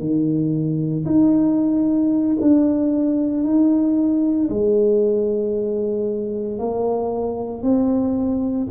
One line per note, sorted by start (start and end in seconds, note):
0.00 1.05 D#3
1.06 2.38 D#4
2.41 3.44 D4
3.44 4.49 D#4
4.50 6.59 G#3
6.59 7.63 A#3
7.63 8.68 C4